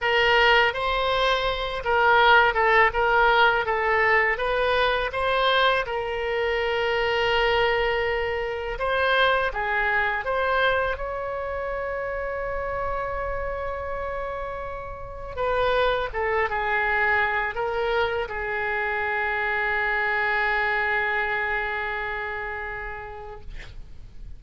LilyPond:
\new Staff \with { instrumentName = "oboe" } { \time 4/4 \tempo 4 = 82 ais'4 c''4. ais'4 a'8 | ais'4 a'4 b'4 c''4 | ais'1 | c''4 gis'4 c''4 cis''4~ |
cis''1~ | cis''4 b'4 a'8 gis'4. | ais'4 gis'2.~ | gis'1 | }